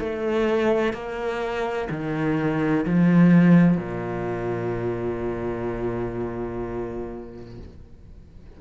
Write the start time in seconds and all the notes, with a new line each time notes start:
0.00 A3
0.94 A#3
1.90 D#3
2.86 F3
3.77 A#2